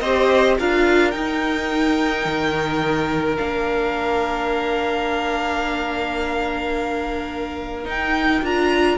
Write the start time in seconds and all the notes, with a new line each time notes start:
0.00 C4 G4 C5 D#5
0.58 D4 F4 A#4 F5
1.11 D#4 G5
2.25 D#3
3.37 A#3 D4 F5
7.84 D#4 G5
8.42 D4 F4 A#5